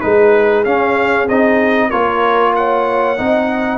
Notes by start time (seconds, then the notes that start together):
0.00 G#3 D#4 G#4 B4
0.64 C#4 F5
1.28 C4 D#4 D#5
1.88 A#3 F4 A#4 C#5
2.55 C#5 F#5
3.17 C4 D#4 D#5